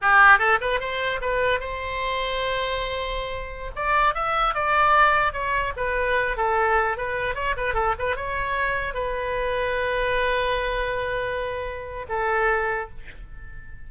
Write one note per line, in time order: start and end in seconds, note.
0.01 0.38 G4
0.38 0.58 A4
0.60 0.80 B4
0.80 1.20 C5
1.21 1.60 B4
1.60 3.71 C5
3.75 4.14 D5
4.14 4.54 E5
4.54 5.32 D5
5.32 5.73 C#5
5.76 6.36 B4
6.36 6.97 A4
6.97 7.35 B4
7.35 7.55 C#5
7.56 7.74 B4
7.74 7.94 A4
7.98 8.16 B4
8.16 8.93 C#5
8.93 12.05 B4
12.08 12.89 A4